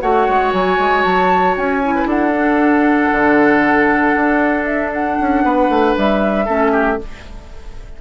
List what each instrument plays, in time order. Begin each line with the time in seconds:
0.00 bassoon A3, clarinet F#4, oboe C#5, flute F#5
0.28 bassoon G#3
0.53 bassoon F#3, flute G#5
0.79 bassoon G#3
1.03 bassoon F#3, flute A5
1.56 bassoon C#4, flute G#5
1.83 clarinet E4
1.95 oboe B4
2.05 bassoon D4, oboe A4, flute F#5
2.31 clarinet D4
3.12 bassoon D3
4.15 bassoon D4
4.65 flute E5
4.93 flute F#5
5.20 bassoon C#4
5.44 bassoon B3, oboe B4
5.69 bassoon A3
5.97 bassoon G3, flute E5
6.45 bassoon A3, clarinet C#4, oboe A4
6.72 oboe G4